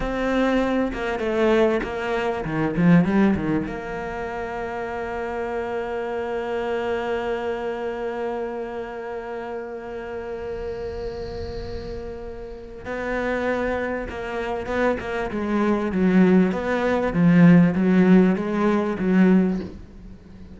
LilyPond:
\new Staff \with { instrumentName = "cello" } { \time 4/4 \tempo 4 = 98 c'4. ais8 a4 ais4 | dis8 f8 g8 dis8 ais2~ | ais1~ | ais1~ |
ais1~ | ais4 b2 ais4 | b8 ais8 gis4 fis4 b4 | f4 fis4 gis4 fis4 | }